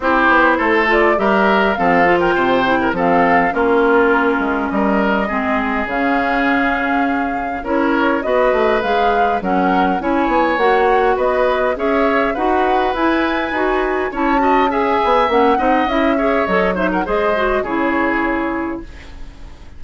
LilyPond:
<<
  \new Staff \with { instrumentName = "flute" } { \time 4/4 \tempo 4 = 102 c''4. d''8 e''4 f''8. g''16~ | g''4 f''4 ais'2 | dis''2 f''2~ | f''4 cis''4 dis''4 f''4 |
fis''4 gis''4 fis''4 dis''4 | e''4 fis''4 gis''2 | a''4 gis''4 fis''4 e''4 | dis''8 e''16 fis''16 dis''4 cis''2 | }
  \new Staff \with { instrumentName = "oboe" } { \time 4/4 g'4 a'4 ais'4 a'8. ais'16 | c''8. ais'16 a'4 f'2 | ais'4 gis'2.~ | gis'4 ais'4 b'2 |
ais'4 cis''2 b'4 | cis''4 b'2. | cis''8 dis''8 e''4. dis''4 cis''8~ | cis''8 c''16 ais'16 c''4 gis'2 | }
  \new Staff \with { instrumentName = "clarinet" } { \time 4/4 e'4. f'8 g'4 c'8 f'8~ | f'8 e'8 c'4 cis'2~ | cis'4 c'4 cis'2~ | cis'4 e'4 fis'4 gis'4 |
cis'4 e'4 fis'2 | gis'4 fis'4 e'4 fis'4 | e'8 fis'8 gis'4 cis'8 dis'8 e'8 gis'8 | a'8 dis'8 gis'8 fis'8 e'2 | }
  \new Staff \with { instrumentName = "bassoon" } { \time 4/4 c'8 b8 a4 g4 f4 | c4 f4 ais4. gis8 | g4 gis4 cis2~ | cis4 cis'4 b8 a8 gis4 |
fis4 cis'8 b8 ais4 b4 | cis'4 dis'4 e'4 dis'4 | cis'4. b8 ais8 c'8 cis'4 | fis4 gis4 cis2 | }
>>